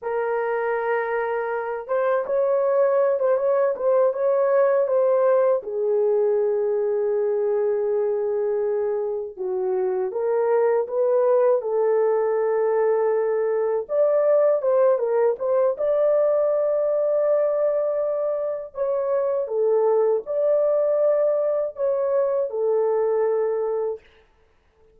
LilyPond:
\new Staff \with { instrumentName = "horn" } { \time 4/4 \tempo 4 = 80 ais'2~ ais'8 c''8 cis''4~ | cis''16 c''16 cis''8 c''8 cis''4 c''4 gis'8~ | gis'1~ | gis'8 fis'4 ais'4 b'4 a'8~ |
a'2~ a'8 d''4 c''8 | ais'8 c''8 d''2.~ | d''4 cis''4 a'4 d''4~ | d''4 cis''4 a'2 | }